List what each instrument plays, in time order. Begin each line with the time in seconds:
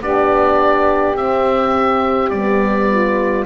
0.00 double bass B3, horn D4, saxophone G4, oboe D5
1.15 double bass C4, horn C4, oboe E5
2.30 double bass G3, horn B3, oboe D5
2.89 saxophone F4